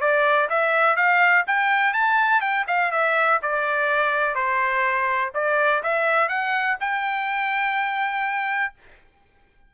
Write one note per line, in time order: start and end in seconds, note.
0.00 0.48 D5
0.49 0.96 E5
0.96 1.45 F5
1.47 1.93 G5
1.93 2.41 A5
2.41 2.65 G5
2.67 2.91 F5
2.91 3.40 E5
3.42 4.35 D5
4.35 5.32 C5
5.34 5.83 D5
5.83 6.28 E5
6.28 6.77 F#5
6.80 8.74 G5